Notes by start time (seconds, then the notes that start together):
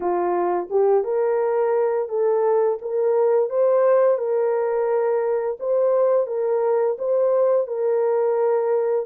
0.00 F4
0.70 G4
1.04 A#4
2.08 A4
2.81 A#4
3.49 C5
4.18 A#4
5.59 C5
6.26 A#4
6.98 C5
7.67 A#4